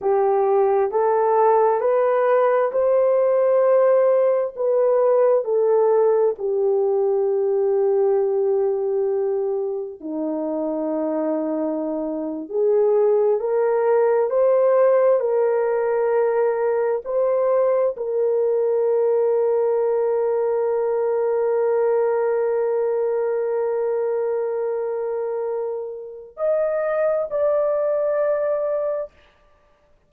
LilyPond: \new Staff \with { instrumentName = "horn" } { \time 4/4 \tempo 4 = 66 g'4 a'4 b'4 c''4~ | c''4 b'4 a'4 g'4~ | g'2. dis'4~ | dis'4.~ dis'16 gis'4 ais'4 c''16~ |
c''8. ais'2 c''4 ais'16~ | ais'1~ | ais'1~ | ais'4 dis''4 d''2 | }